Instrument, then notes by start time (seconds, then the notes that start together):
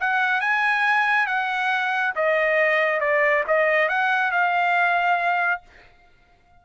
trumpet
0.00 F#5
0.41 G#5
1.27 F#5
2.15 D#5
3.00 D5
3.47 D#5
3.89 F#5
4.31 F5